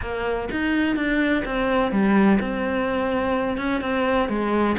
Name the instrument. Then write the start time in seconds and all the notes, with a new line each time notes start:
cello
0.01 A#3
0.51 D#4
0.96 D4
1.45 C4
1.91 G3
2.40 C4
3.57 C#4
3.81 C4
4.28 G#3